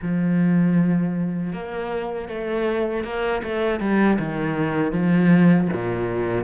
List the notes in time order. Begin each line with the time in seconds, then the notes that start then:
0.02 F3
1.52 A#3
2.28 A3
3.04 A#3
3.43 A3
3.80 G3
4.18 D#3
4.92 F3
5.72 A#2